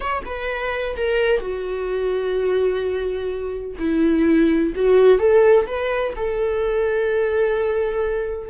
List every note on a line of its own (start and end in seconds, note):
0.00 0.22 C#5
0.25 0.96 B4
0.96 1.40 A#4
1.40 3.76 F#4
3.78 4.73 E4
4.75 5.18 F#4
5.18 5.66 A4
5.66 6.13 B4
6.16 8.49 A4